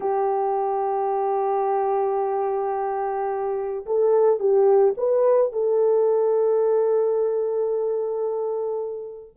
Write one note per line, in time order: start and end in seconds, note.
0.00 3.85 G4
3.85 4.39 A4
4.39 4.94 G4
4.97 5.52 B4
5.52 9.36 A4